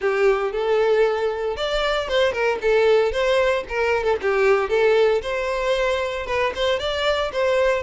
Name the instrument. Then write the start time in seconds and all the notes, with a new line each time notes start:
violin
0.00 G4
0.51 A4
1.56 D5
2.08 C5
2.32 A#4
2.61 A4
3.11 C5
3.68 A#4
4.03 A4
4.21 G4
4.69 A4
5.22 C5
6.26 B4
6.55 C5
6.79 D5
7.32 C5